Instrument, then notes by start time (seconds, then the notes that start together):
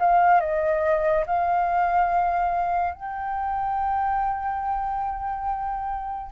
flute
0.00 F5
0.41 D#5
1.27 F5
2.95 G5